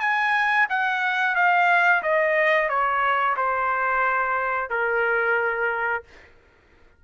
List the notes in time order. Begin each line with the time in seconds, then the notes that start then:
0.00 G#5
0.69 F#5
1.35 F5
2.02 D#5
2.69 C#5
3.36 C5
4.70 A#4